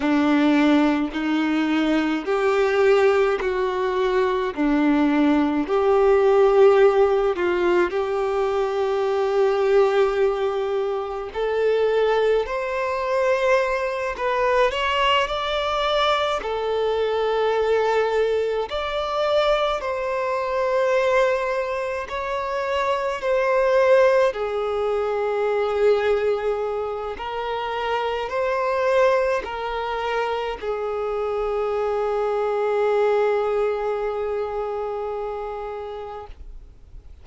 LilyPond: \new Staff \with { instrumentName = "violin" } { \time 4/4 \tempo 4 = 53 d'4 dis'4 g'4 fis'4 | d'4 g'4. f'8 g'4~ | g'2 a'4 c''4~ | c''8 b'8 cis''8 d''4 a'4.~ |
a'8 d''4 c''2 cis''8~ | cis''8 c''4 gis'2~ gis'8 | ais'4 c''4 ais'4 gis'4~ | gis'1 | }